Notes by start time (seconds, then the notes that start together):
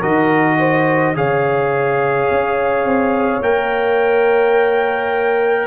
0.00 D#3 F#4 A#4 D#5
0.59 C5
1.15 C#3 G#4 C#5 F5
2.31 C#4
2.84 C4
3.41 A#3 A#4 G5